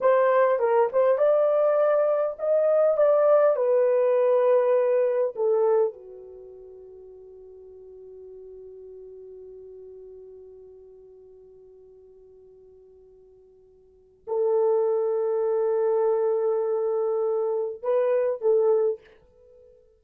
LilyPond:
\new Staff \with { instrumentName = "horn" } { \time 4/4 \tempo 4 = 101 c''4 ais'8 c''8 d''2 | dis''4 d''4 b'2~ | b'4 a'4 fis'2~ | fis'1~ |
fis'1~ | fis'1 | a'1~ | a'2 b'4 a'4 | }